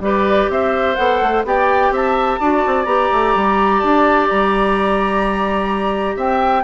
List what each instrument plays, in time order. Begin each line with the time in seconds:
0.00 bassoon G3, clarinet G4, oboe B4, flute D5
0.49 bassoon C4, oboe C5, flute E5
0.95 bassoon B3, clarinet A4, flute F#5
1.21 bassoon A3
1.44 bassoon B3, clarinet G4, oboe D5, flute G5
1.91 bassoon C4, oboe E5, flute A5
2.40 bassoon D4, clarinet F#4, oboe D5
2.66 bassoon C4
2.85 bassoon B3, clarinet G4, flute A#5
3.12 bassoon A3
3.35 bassoon G3
3.80 bassoon D4, flute A5
4.29 bassoon G3, flute A#5
6.16 bassoon C4, oboe E5, flute G5